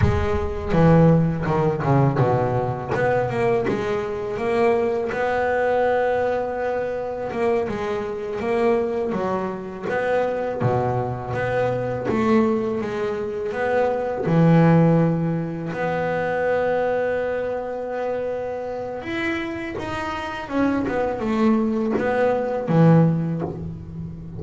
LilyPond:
\new Staff \with { instrumentName = "double bass" } { \time 4/4 \tempo 4 = 82 gis4 e4 dis8 cis8 b,4 | b8 ais8 gis4 ais4 b4~ | b2 ais8 gis4 ais8~ | ais8 fis4 b4 b,4 b8~ |
b8 a4 gis4 b4 e8~ | e4. b2~ b8~ | b2 e'4 dis'4 | cis'8 b8 a4 b4 e4 | }